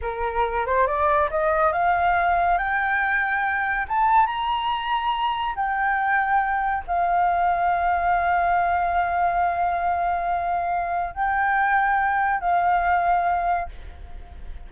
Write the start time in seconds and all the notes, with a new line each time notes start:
0.01 A#4
0.65 C5
0.86 D5
1.30 D#5
1.72 F5
2.58 G5
3.88 A5
4.26 A#5
5.55 G5
6.87 F5
11.14 G5
12.40 F5